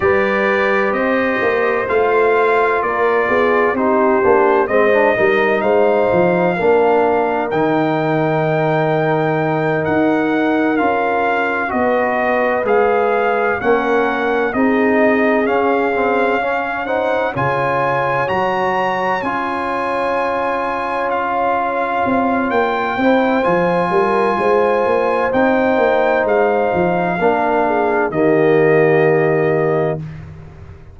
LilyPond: <<
  \new Staff \with { instrumentName = "trumpet" } { \time 4/4 \tempo 4 = 64 d''4 dis''4 f''4 d''4 | c''4 dis''4 f''2 | g''2~ g''8 fis''4 f''8~ | f''8 dis''4 f''4 fis''4 dis''8~ |
dis''8 f''4. fis''8 gis''4 ais''8~ | ais''8 gis''2 f''4. | g''4 gis''2 g''4 | f''2 dis''2 | }
  \new Staff \with { instrumentName = "horn" } { \time 4/4 b'4 c''2 ais'8 gis'8 | g'4 c''8 ais'8 c''4 ais'4~ | ais'1~ | ais'8 b'2 ais'4 gis'8~ |
gis'4. cis''8 c''8 cis''4.~ | cis''1~ | cis''8 c''4 ais'8 c''2~ | c''4 ais'8 gis'8 g'2 | }
  \new Staff \with { instrumentName = "trombone" } { \time 4/4 g'2 f'2 | dis'8 d'8 c'16 d'16 dis'4. d'4 | dis'2.~ dis'8 f'8~ | f'8 fis'4 gis'4 cis'4 dis'8~ |
dis'8 cis'8 c'8 cis'8 dis'8 f'4 fis'8~ | fis'8 f'2.~ f'8~ | f'8 e'8 f'2 dis'4~ | dis'4 d'4 ais2 | }
  \new Staff \with { instrumentName = "tuba" } { \time 4/4 g4 c'8 ais8 a4 ais8 b8 | c'8 ais8 gis8 g8 gis8 f8 ais4 | dis2~ dis8 dis'4 cis'8~ | cis'8 b4 gis4 ais4 c'8~ |
c'8 cis'2 cis4 fis8~ | fis8 cis'2. c'8 | ais8 c'8 f8 g8 gis8 ais8 c'8 ais8 | gis8 f8 ais4 dis2 | }
>>